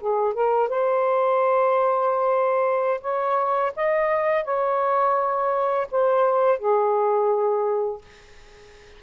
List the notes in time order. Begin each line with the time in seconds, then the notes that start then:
0.00 G#4
0.33 A#4
0.69 C5
3.01 C#5
3.76 D#5
4.44 C#5
5.91 C5
6.59 G#4